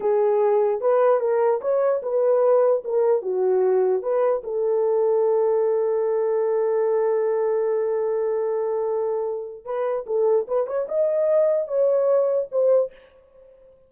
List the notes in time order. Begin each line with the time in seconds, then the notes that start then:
0.00 G#4
0.80 B4
1.20 A#4
1.61 C#5
2.02 B4
2.84 A#4
3.22 F#4
4.02 B4
4.43 A4
9.64 B4
10.06 A4
10.47 B4
10.66 C#5
10.88 D#5
11.67 C#5
12.51 C5